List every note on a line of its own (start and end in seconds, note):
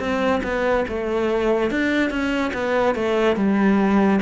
0.00 0.42 C4
0.44 0.86 B3
0.89 1.71 A3
1.71 2.11 D4
2.11 2.52 C#4
2.54 2.95 B3
2.95 3.37 A3
3.37 4.20 G3